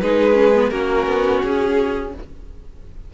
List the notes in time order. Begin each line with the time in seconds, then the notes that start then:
0.00 G#3 D#4 G#4 B4
0.34 C#4
0.54 B3
0.69 A#3 C#4 F#4 A#4
1.06 B3
1.43 C#4 G#4